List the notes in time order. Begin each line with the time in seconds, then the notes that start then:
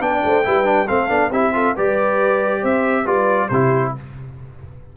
0.00 B3 D4 D5 G5
0.25 A3 C5
0.44 G3 E4 B4
0.65 D4
0.88 A3 C4 A4 F5
1.09 B3 D4
1.31 C4 E4 G4 E5
1.54 F4 A4
1.76 G3 G4 B4 D5
2.61 C4 C5 E5
3.05 G3 F4 B4 D5
3.49 C3 E4 G4 C5